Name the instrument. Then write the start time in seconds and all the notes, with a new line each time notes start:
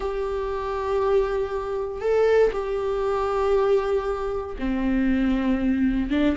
viola
0.00 G4
2.00 A4
2.52 G4
4.58 C4
6.10 D4